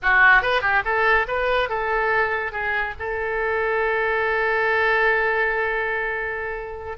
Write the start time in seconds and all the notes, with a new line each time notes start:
0.02 F#4
0.42 B4
0.61 G4
0.84 A4
1.27 B4
1.69 A4
2.51 G#4
2.99 A4